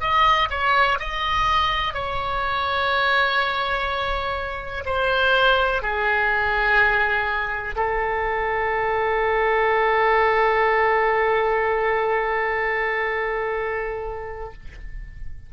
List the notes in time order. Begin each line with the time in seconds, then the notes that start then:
0.00 D#5
0.50 C#5
0.99 D#5
1.94 C#5
4.85 C5
5.82 G#4
7.76 A4